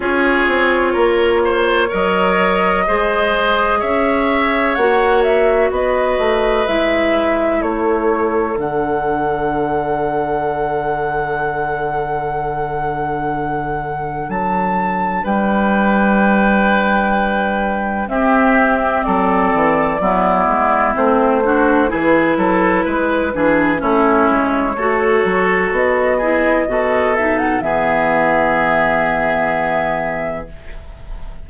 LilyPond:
<<
  \new Staff \with { instrumentName = "flute" } { \time 4/4 \tempo 4 = 63 cis''2 dis''2 | e''4 fis''8 e''8 dis''4 e''4 | cis''4 fis''2.~ | fis''2. a''4 |
g''2. e''4 | d''2 c''4 b'4~ | b'4 cis''2 dis''4~ | dis''8 e''16 fis''16 e''2. | }
  \new Staff \with { instrumentName = "oboe" } { \time 4/4 gis'4 ais'8 c''8 cis''4 c''4 | cis''2 b'2 | a'1~ | a'1 |
b'2. g'4 | a'4 e'4. fis'8 gis'8 a'8 | b'8 gis'8 e'4 a'4. gis'8 | a'4 gis'2. | }
  \new Staff \with { instrumentName = "clarinet" } { \time 4/4 f'2 ais'4 gis'4~ | gis'4 fis'2 e'4~ | e'4 d'2.~ | d'1~ |
d'2. c'4~ | c'4 b4 c'8 d'8 e'4~ | e'8 d'8 cis'4 fis'4. e'8 | fis'8 dis'8 b2. | }
  \new Staff \with { instrumentName = "bassoon" } { \time 4/4 cis'8 c'8 ais4 fis4 gis4 | cis'4 ais4 b8 a8 gis4 | a4 d2.~ | d2. fis4 |
g2. c'4 | fis8 e8 fis8 gis8 a4 e8 fis8 | gis8 e8 a8 gis8 a8 fis8 b4 | b,4 e2. | }
>>